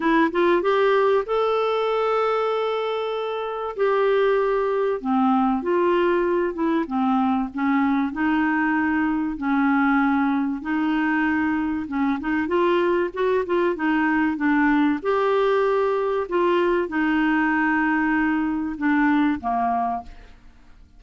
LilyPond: \new Staff \with { instrumentName = "clarinet" } { \time 4/4 \tempo 4 = 96 e'8 f'8 g'4 a'2~ | a'2 g'2 | c'4 f'4. e'8 c'4 | cis'4 dis'2 cis'4~ |
cis'4 dis'2 cis'8 dis'8 | f'4 fis'8 f'8 dis'4 d'4 | g'2 f'4 dis'4~ | dis'2 d'4 ais4 | }